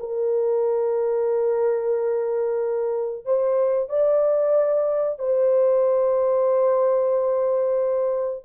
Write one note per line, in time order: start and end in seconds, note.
0.00 3.25 A#4
3.25 3.90 C5
3.90 5.19 D5
5.19 8.45 C5